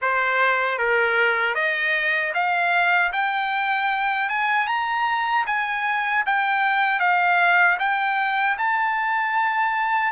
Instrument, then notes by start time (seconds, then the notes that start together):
trumpet
0.01 C5
0.78 A#4
1.54 D#5
2.34 F5
3.12 G5
4.29 G#5
4.67 A#5
5.46 G#5
6.26 G5
6.99 F5
7.79 G5
8.57 A5